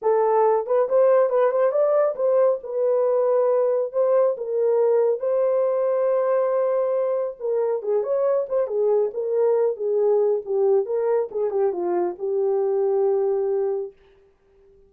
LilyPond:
\new Staff \with { instrumentName = "horn" } { \time 4/4 \tempo 4 = 138 a'4. b'8 c''4 b'8 c''8 | d''4 c''4 b'2~ | b'4 c''4 ais'2 | c''1~ |
c''4 ais'4 gis'8 cis''4 c''8 | gis'4 ais'4. gis'4. | g'4 ais'4 gis'8 g'8 f'4 | g'1 | }